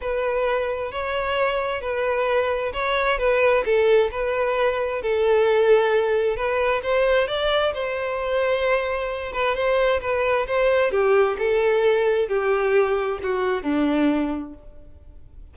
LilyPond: \new Staff \with { instrumentName = "violin" } { \time 4/4 \tempo 4 = 132 b'2 cis''2 | b'2 cis''4 b'4 | a'4 b'2 a'4~ | a'2 b'4 c''4 |
d''4 c''2.~ | c''8 b'8 c''4 b'4 c''4 | g'4 a'2 g'4~ | g'4 fis'4 d'2 | }